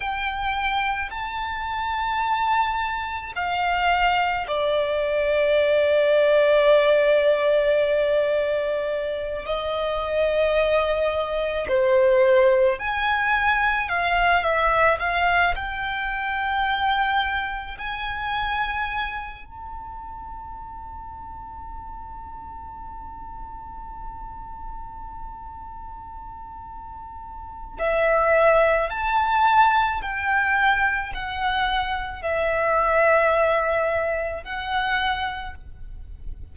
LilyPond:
\new Staff \with { instrumentName = "violin" } { \time 4/4 \tempo 4 = 54 g''4 a''2 f''4 | d''1~ | d''8 dis''2 c''4 gis''8~ | gis''8 f''8 e''8 f''8 g''2 |
gis''4. a''2~ a''8~ | a''1~ | a''4 e''4 a''4 g''4 | fis''4 e''2 fis''4 | }